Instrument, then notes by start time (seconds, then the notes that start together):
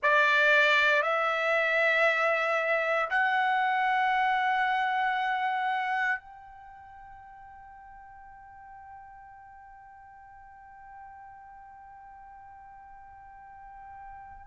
trumpet
0.02 D5
1.02 E5
3.10 F#5
6.20 G5